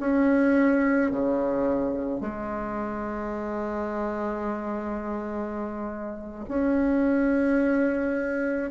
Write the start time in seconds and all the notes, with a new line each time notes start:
0.00 C#4
1.11 C#3
2.21 G#3
6.48 C#4